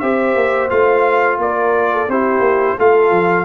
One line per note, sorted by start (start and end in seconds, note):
0.00 0.35 C4
0.00 0.70 G4
0.00 1.40 C5
0.00 0.69 E5
0.35 0.70 A#3
0.70 1.38 A3
0.70 2.08 F4
0.70 1.39 F5
1.38 2.07 A#3
1.38 1.93 A#4
1.38 2.10 D5
1.93 2.10 A4
2.08 2.40 C4
2.08 2.79 E4
2.08 2.77 G4
2.08 2.79 C5
2.40 2.74 A#3
2.77 3.11 A3
2.77 3.45 F4
2.77 3.45 A4
2.77 3.45 F5
3.11 3.45 F3